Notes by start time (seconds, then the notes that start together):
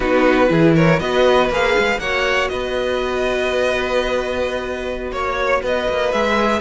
0.00 B3 D#4 F#4 B4
0.47 E3 E4 G#4
0.75 A#4 C#5
0.99 B3 F#4 B4 D#5
1.49 A#3 G#4 F5
1.77 G#3
1.98 A#3 F#4 C#5 F#5
2.48 B3 B4 D#5
5.11 A#3 C#5
5.61 B3 B4 D#5
5.88 A#3
6.12 G#3 G#4 E5